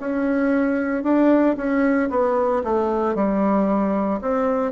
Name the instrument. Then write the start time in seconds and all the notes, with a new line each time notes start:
bassoon
0.00 C#4
1.03 D4
1.57 C#4
2.10 B3
2.64 A3
3.15 G3
4.22 C4